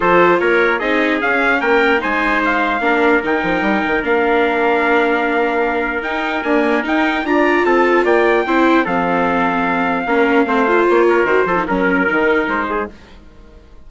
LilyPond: <<
  \new Staff \with { instrumentName = "trumpet" } { \time 4/4 \tempo 4 = 149 c''4 cis''4 dis''4 f''4 | g''4 gis''4 f''2 | g''2 f''2~ | f''2. g''4 |
gis''4 g''4 ais''4 a''4 | g''2 f''2~ | f''2. cis''4 | c''4 ais'2 c''4 | }
  \new Staff \with { instrumentName = "trumpet" } { \time 4/4 a'4 ais'4 gis'2 | ais'4 c''2 ais'4~ | ais'1~ | ais'1~ |
ais'2 d''4 a'4 | d''4 c''4 a'2~ | a'4 ais'4 c''4. ais'8~ | ais'8 a'8 ais'2~ ais'8 gis'8 | }
  \new Staff \with { instrumentName = "viola" } { \time 4/4 f'2 dis'4 cis'4~ | cis'4 dis'2 d'4 | dis'2 d'2~ | d'2. dis'4 |
ais4 dis'4 f'2~ | f'4 e'4 c'2~ | c'4 cis'4 c'8 f'4. | fis'8 f'16 dis'16 cis'4 dis'2 | }
  \new Staff \with { instrumentName = "bassoon" } { \time 4/4 f4 ais4 c'4 cis'4 | ais4 gis2 ais4 | dis8 f8 g8 dis8 ais2~ | ais2. dis'4 |
d'4 dis'4 d'4 c'4 | ais4 c'4 f2~ | f4 ais4 a4 ais4 | dis8 f8 fis4 dis4 gis4 | }
>>